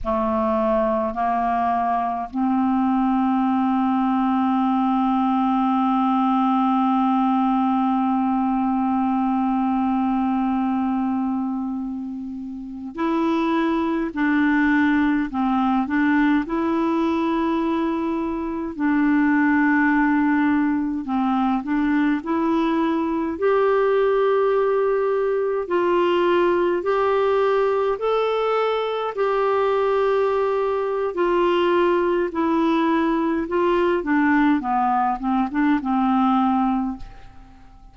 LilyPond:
\new Staff \with { instrumentName = "clarinet" } { \time 4/4 \tempo 4 = 52 a4 ais4 c'2~ | c'1~ | c'2.~ c'16 e'8.~ | e'16 d'4 c'8 d'8 e'4.~ e'16~ |
e'16 d'2 c'8 d'8 e'8.~ | e'16 g'2 f'4 g'8.~ | g'16 a'4 g'4.~ g'16 f'4 | e'4 f'8 d'8 b8 c'16 d'16 c'4 | }